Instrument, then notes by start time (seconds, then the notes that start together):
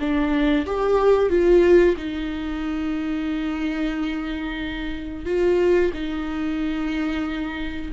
viola
0.00 D4
0.66 G4
1.30 F4
1.97 D#4
5.26 F4
5.94 D#4